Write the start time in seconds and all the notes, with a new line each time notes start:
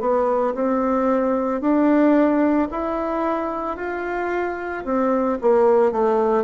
0.00 B3
0.55 C4
1.61 D4
2.71 E4
3.76 F4
4.85 C4
5.41 A#3
5.92 A3